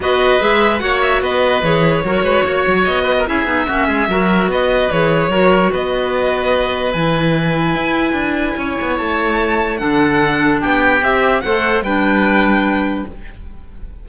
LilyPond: <<
  \new Staff \with { instrumentName = "violin" } { \time 4/4 \tempo 4 = 147 dis''4 e''4 fis''8 e''8 dis''4 | cis''2. dis''4 | e''2. dis''4 | cis''2 dis''2~ |
dis''4 gis''2.~ | gis''2 a''2 | fis''2 g''4 e''4 | fis''4 g''2. | }
  \new Staff \with { instrumentName = "oboe" } { \time 4/4 b'2 cis''4 b'4~ | b'4 ais'8 b'8 cis''4. b'16 ais'16 | gis'4 fis'8 gis'8 ais'4 b'4~ | b'4 ais'4 b'2~ |
b'1~ | b'4 cis''2. | a'2 g'2 | c''4 b'2. | }
  \new Staff \with { instrumentName = "clarinet" } { \time 4/4 fis'4 gis'4 fis'2 | gis'4 fis'2. | e'8 dis'8 cis'4 fis'2 | gis'4 fis'2.~ |
fis'4 e'2.~ | e'1 | d'2. g'4 | a'4 d'2. | }
  \new Staff \with { instrumentName = "cello" } { \time 4/4 b4 gis4 ais4 b4 | e4 fis8 gis8 ais8 fis8 b4 | cis'8 b8 ais8 gis8 fis4 b4 | e4 fis4 b2~ |
b4 e2 e'4 | d'4 cis'8 b8 a2 | d2 b4 c'4 | a4 g2. | }
>>